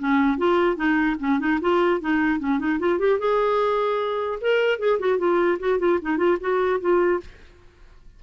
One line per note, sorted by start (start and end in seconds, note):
0.00 0.38 C#4
0.38 0.77 F4
0.77 1.17 D#4
1.20 1.40 C#4
1.40 1.60 D#4
1.61 2.01 F4
2.01 2.40 D#4
2.40 2.59 C#4
2.59 2.79 D#4
2.80 2.99 F4
2.99 3.19 G4
3.20 4.40 G#4
4.41 4.79 A#4
4.79 4.99 G#4
5.00 5.19 F#4
5.19 5.59 F4
5.60 5.80 F#4
5.80 6.00 F4
6.02 6.18 D#4
6.18 6.38 F4
6.41 6.81 F#4
6.81 7.21 F4